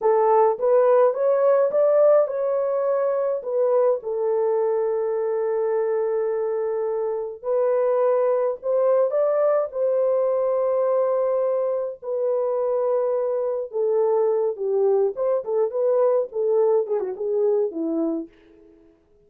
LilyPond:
\new Staff \with { instrumentName = "horn" } { \time 4/4 \tempo 4 = 105 a'4 b'4 cis''4 d''4 | cis''2 b'4 a'4~ | a'1~ | a'4 b'2 c''4 |
d''4 c''2.~ | c''4 b'2. | a'4. g'4 c''8 a'8 b'8~ | b'8 a'4 gis'16 fis'16 gis'4 e'4 | }